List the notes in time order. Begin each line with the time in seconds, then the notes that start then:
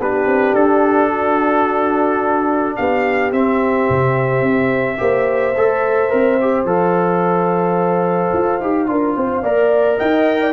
0.00 B3 D4 G4 B4
0.26 C4
0.55 D4 A4
1.10 F#4
2.77 B3 G4 F5
3.32 C4 E5
3.90 C3
4.42 C4
4.98 A#3 G4 C5
5.57 A3 A4
6.10 C4 A#4
6.42 G4
6.65 F3 A4 F5
8.33 F4
8.61 D#4 G4
8.87 D4 F4 A#4
9.16 C4 C5
9.43 A#3 A#4 D5
9.98 D#4 D#5 G5
10.41 D5